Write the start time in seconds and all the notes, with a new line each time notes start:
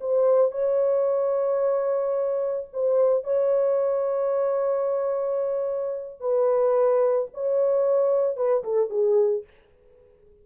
0.00 C5
0.51 C#5
2.73 C5
3.24 C#5
6.20 B4
7.34 C#5
8.36 B4
8.64 A4
8.89 G#4